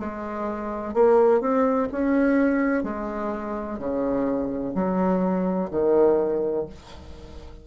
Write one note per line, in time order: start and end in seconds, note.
0.00 0.94 G#3
0.94 1.41 A#3
1.41 1.89 C4
1.92 2.84 C#4
2.84 3.79 G#3
3.79 4.74 C#3
4.75 5.70 F#3
5.71 6.66 D#3